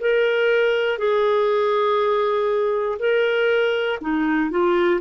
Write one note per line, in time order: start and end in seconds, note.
0.00 0.98 A#4
0.98 2.98 G#4
2.99 3.99 A#4
4.00 4.50 D#4
4.50 5.00 F4